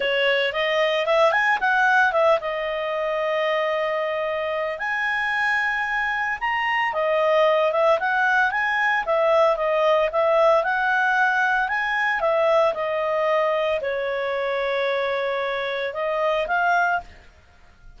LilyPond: \new Staff \with { instrumentName = "clarinet" } { \time 4/4 \tempo 4 = 113 cis''4 dis''4 e''8 gis''8 fis''4 | e''8 dis''2.~ dis''8~ | dis''4 gis''2. | ais''4 dis''4. e''8 fis''4 |
gis''4 e''4 dis''4 e''4 | fis''2 gis''4 e''4 | dis''2 cis''2~ | cis''2 dis''4 f''4 | }